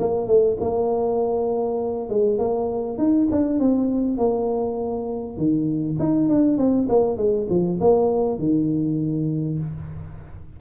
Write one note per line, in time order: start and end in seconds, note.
0.00 0.28 A#3
0.28 0.58 A3
0.61 2.09 A#3
2.09 2.39 G#3
2.39 2.98 A#3
2.98 3.28 D#4
3.32 3.60 D4
3.60 4.18 C4
4.18 5.38 A#3
5.38 5.98 D#3
5.99 6.29 D#4
6.29 6.58 D4
6.58 6.88 C4
6.89 7.18 A#3
7.18 7.48 G#3
7.50 7.80 F3
7.81 8.39 A#3
8.39 9.59 D#3